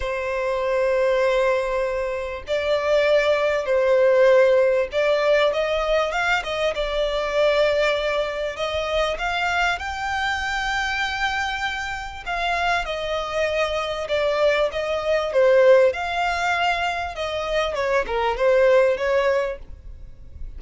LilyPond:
\new Staff \with { instrumentName = "violin" } { \time 4/4 \tempo 4 = 98 c''1 | d''2 c''2 | d''4 dis''4 f''8 dis''8 d''4~ | d''2 dis''4 f''4 |
g''1 | f''4 dis''2 d''4 | dis''4 c''4 f''2 | dis''4 cis''8 ais'8 c''4 cis''4 | }